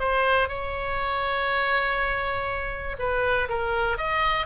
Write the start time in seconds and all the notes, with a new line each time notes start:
0.00 C5
0.49 C#5
2.99 B4
3.49 A#4
3.98 D#5